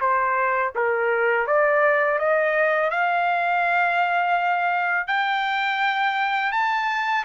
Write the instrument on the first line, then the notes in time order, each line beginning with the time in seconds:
trumpet
0.00 C5
0.75 A#4
1.47 D5
2.19 D#5
2.90 F5
5.07 G5
6.52 A5